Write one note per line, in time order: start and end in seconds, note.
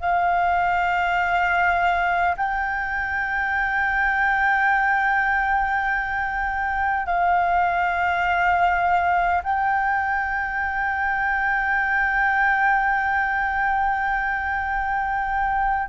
0.00 2.35 F5
2.37 7.06 G5
7.06 9.42 F5
9.43 15.89 G5